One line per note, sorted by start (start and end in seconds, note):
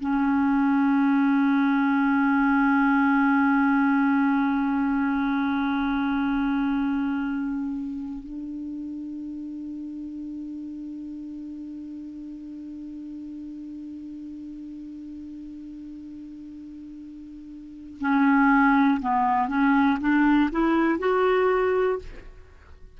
0.00 8.24 C#4
8.24 17.99 D4
18.00 19.00 C#4
19.01 19.48 B3
19.48 19.98 C#4
20.00 20.50 D4
20.51 20.99 E4
20.99 21.99 F#4